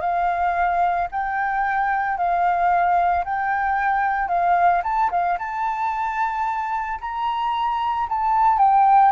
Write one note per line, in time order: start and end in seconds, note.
0.00 1.07 F5
1.11 2.17 G5
2.17 3.24 F5
3.24 4.28 G5
4.28 4.81 F5
4.83 5.10 A5
5.11 5.38 F5
5.38 6.99 A5
7.00 8.07 A#5
8.09 8.58 A5
8.58 9.12 G5